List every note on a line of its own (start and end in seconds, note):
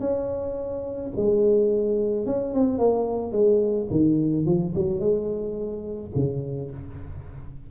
0.00 1.11 C#4
1.16 2.26 G#3
2.26 2.54 C#4
2.54 2.78 C4
2.78 3.32 A#3
3.32 3.88 G#3
3.90 4.46 D#3
4.46 4.73 F3
4.75 5.00 F#3
5.00 6.11 G#3
6.15 6.71 C#3